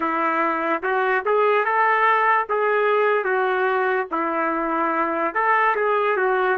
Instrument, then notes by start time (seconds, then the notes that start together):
trumpet
0.00 E4
0.83 F#4
1.25 G#4
1.64 A4
2.49 G#4
3.24 F#4
4.11 E4
5.34 A4
5.75 G#4
6.16 F#4